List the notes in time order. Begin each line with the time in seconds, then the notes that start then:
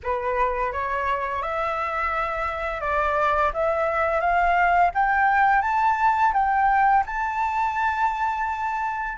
0.03 B4
0.72 C#5
1.42 E5
2.80 D5
3.53 E5
4.20 F5
4.94 G5
5.61 A5
6.33 G5
7.06 A5